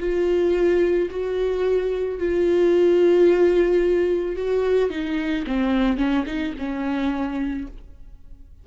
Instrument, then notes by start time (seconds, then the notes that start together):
viola
0.00 F4
1.11 F#4
2.19 F4
4.36 F#4
4.90 D#4
5.47 C4
5.98 C#4
6.26 D#4
6.59 C#4